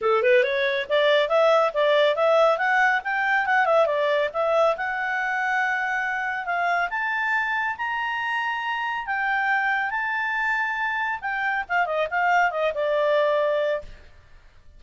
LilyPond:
\new Staff \with { instrumentName = "clarinet" } { \time 4/4 \tempo 4 = 139 a'8 b'8 cis''4 d''4 e''4 | d''4 e''4 fis''4 g''4 | fis''8 e''8 d''4 e''4 fis''4~ | fis''2. f''4 |
a''2 ais''2~ | ais''4 g''2 a''4~ | a''2 g''4 f''8 dis''8 | f''4 dis''8 d''2~ d''8 | }